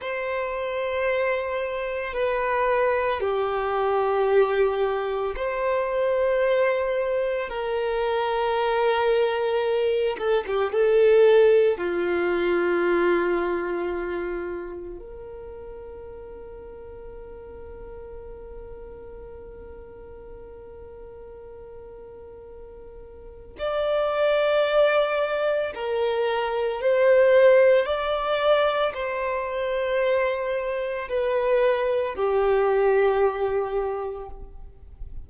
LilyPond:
\new Staff \with { instrumentName = "violin" } { \time 4/4 \tempo 4 = 56 c''2 b'4 g'4~ | g'4 c''2 ais'4~ | ais'4. a'16 g'16 a'4 f'4~ | f'2 ais'2~ |
ais'1~ | ais'2 d''2 | ais'4 c''4 d''4 c''4~ | c''4 b'4 g'2 | }